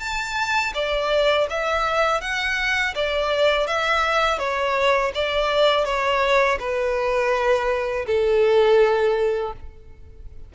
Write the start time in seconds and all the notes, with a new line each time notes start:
0.00 A5
0.75 D5
1.50 E5
2.22 F#5
2.95 D5
3.68 E5
4.39 C#5
5.15 D5
5.86 C#5
6.60 B4
8.07 A4